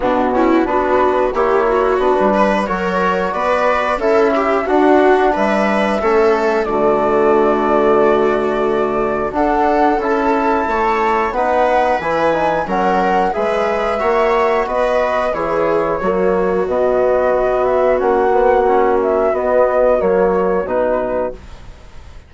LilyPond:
<<
  \new Staff \with { instrumentName = "flute" } { \time 4/4 \tempo 4 = 90 fis'4 b'4 cis''4 b'4 | cis''4 d''4 e''4 fis''4 | e''2 d''2~ | d''2 fis''4 a''4~ |
a''4 fis''4 gis''4 fis''4 | e''2 dis''4 cis''4~ | cis''4 dis''4. e''8 fis''4~ | fis''8 e''8 dis''4 cis''4 b'4 | }
  \new Staff \with { instrumentName = "viola" } { \time 4/4 d'8 e'8 fis'4 g'8 fis'4 b'8 | ais'4 b'4 a'8 g'8 fis'4 | b'4 a'4 fis'2~ | fis'2 a'2 |
cis''4 b'2 ais'4 | b'4 cis''4 b'4 gis'4 | fis'1~ | fis'1 | }
  \new Staff \with { instrumentName = "trombone" } { \time 4/4 b8 cis'8 d'4 e'4 d'4 | fis'2 e'4 d'4~ | d'4 cis'4 a2~ | a2 d'4 e'4~ |
e'4 dis'4 e'8 dis'8 cis'4 | gis'4 fis'2 e'4 | ais4 b2 cis'8 b8 | cis'4 b4 ais4 dis'4 | }
  \new Staff \with { instrumentName = "bassoon" } { \time 4/4 b,4 b4 ais4 b16 g8. | fis4 b4 cis'4 d'4 | g4 a4 d2~ | d2 d'4 cis'4 |
a4 b4 e4 fis4 | gis4 ais4 b4 e4 | fis4 b,4 b4 ais4~ | ais4 b4 fis4 b,4 | }
>>